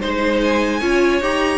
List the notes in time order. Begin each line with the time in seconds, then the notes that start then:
0.00 G#3 D#4 C5
0.41 G#5
0.80 C#4 F4 C#5
1.21 D#4 G4 A#5